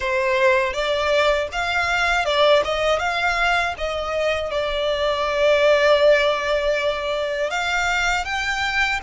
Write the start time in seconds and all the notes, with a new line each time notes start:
0.00 C5
0.73 D5
1.51 F5
2.25 D5
2.64 D#5
2.99 F5
3.77 D#5
4.50 D5
7.50 F5
8.25 G5